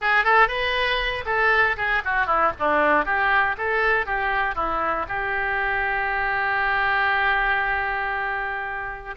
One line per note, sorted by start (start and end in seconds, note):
0.01 0.24 G#4
0.24 0.48 A4
0.48 1.24 B4
1.25 1.76 A4
1.77 2.02 G#4
2.04 2.26 F#4
2.26 2.51 E4
2.59 3.05 D4
3.05 3.56 G4
3.57 4.06 A4
4.06 4.55 G4
4.55 5.06 E4
5.08 9.15 G4